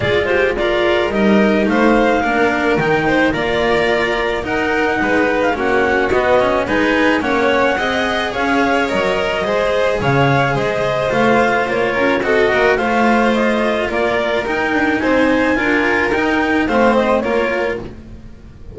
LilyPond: <<
  \new Staff \with { instrumentName = "clarinet" } { \time 4/4 \tempo 4 = 108 d''8 c''8 d''4 dis''4 f''4~ | f''4 g''4 ais''2 | fis''4.~ fis''16 f''16 fis''4 dis''4 | gis''4 fis''2 f''4 |
dis''2 f''4 dis''4 | f''4 cis''4 dis''4 f''4 | dis''4 d''4 g''4 gis''4~ | gis''4 g''4 f''8 dis''8 cis''4 | }
  \new Staff \with { instrumentName = "violin" } { \time 4/4 gis'8 g'8 f'4 ais'4 c''4 | ais'4. c''8 d''2 | ais'4 b'4 fis'2 | b'4 cis''4 dis''4 cis''4~ |
cis''4 c''4 cis''4 c''4~ | c''4. ais'8 a'8 ais'8 c''4~ | c''4 ais'2 c''4 | ais'2 c''4 ais'4 | }
  \new Staff \with { instrumentName = "cello" } { \time 4/4 f'4 ais'4 dis'2 | d'4 dis'4 f'2 | dis'2 cis'4 b8 cis'8 | dis'4 cis'4 gis'2 |
ais'4 gis'2. | f'2 fis'4 f'4~ | f'2 dis'2 | f'4 dis'4 c'4 f'4 | }
  \new Staff \with { instrumentName = "double bass" } { \time 4/4 gis2 g4 a4 | ais4 dis4 ais2 | dis'4 gis4 ais4 b4 | gis4 ais4 c'4 cis'4 |
fis4 gis4 cis4 gis4 | a4 ais8 cis'8 c'8 ais8 a4~ | a4 ais4 dis'8 d'8 c'4 | d'4 dis'4 a4 ais4 | }
>>